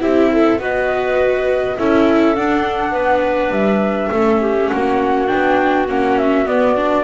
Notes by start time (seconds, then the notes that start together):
0.00 C4 E4 G4 E5
0.31 A4
0.59 B3 F#4 B4 D#5
1.78 C#4 E4 A4 E5
2.35 D4 F#5
2.91 B3 B4
3.50 G3 E5
4.11 A3 C#4 A4
4.41 G4
4.69 A#3 F#4 F#5
5.27 B3 D4 G5
5.88 A#3 C#4 F#5
6.18 E5
6.45 B3 D5
6.76 D4